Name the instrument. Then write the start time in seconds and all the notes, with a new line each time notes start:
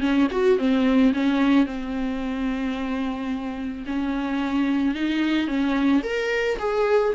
viola
0.00 C#4
0.31 F#4
0.58 C4
1.13 C#4
1.66 C4
3.86 C#4
4.94 D#4
5.47 C#4
6.03 A#4
6.59 G#4